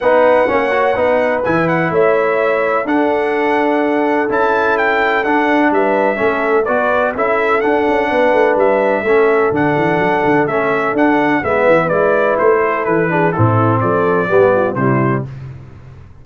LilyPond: <<
  \new Staff \with { instrumentName = "trumpet" } { \time 4/4 \tempo 4 = 126 fis''2. gis''8 fis''8 | e''2 fis''2~ | fis''4 a''4 g''4 fis''4 | e''2 d''4 e''4 |
fis''2 e''2 | fis''2 e''4 fis''4 | e''4 d''4 c''4 b'4 | a'4 d''2 c''4 | }
  \new Staff \with { instrumentName = "horn" } { \time 4/4 b'4 cis''4 b'2 | cis''2 a'2~ | a'1 | b'4 a'4 b'4 a'4~ |
a'4 b'2 a'4~ | a'1 | b'2~ b'8 a'4 gis'8 | e'4 a'4 g'8 f'8 e'4 | }
  \new Staff \with { instrumentName = "trombone" } { \time 4/4 dis'4 cis'8 fis'8 dis'4 e'4~ | e'2 d'2~ | d'4 e'2 d'4~ | d'4 cis'4 fis'4 e'4 |
d'2. cis'4 | d'2 cis'4 d'4 | b4 e'2~ e'8 d'8 | c'2 b4 g4 | }
  \new Staff \with { instrumentName = "tuba" } { \time 4/4 b4 ais4 b4 e4 | a2 d'2~ | d'4 cis'2 d'4 | g4 a4 b4 cis'4 |
d'8 cis'8 b8 a8 g4 a4 | d8 e8 fis8 d8 a4 d'4 | gis8 e8 gis4 a4 e4 | a,4 f4 g4 c4 | }
>>